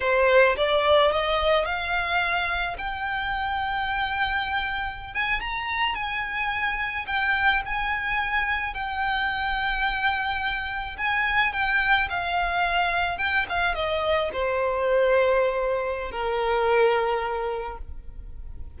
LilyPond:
\new Staff \with { instrumentName = "violin" } { \time 4/4 \tempo 4 = 108 c''4 d''4 dis''4 f''4~ | f''4 g''2.~ | g''4~ g''16 gis''8 ais''4 gis''4~ gis''16~ | gis''8. g''4 gis''2 g''16~ |
g''2.~ g''8. gis''16~ | gis''8. g''4 f''2 g''16~ | g''16 f''8 dis''4 c''2~ c''16~ | c''4 ais'2. | }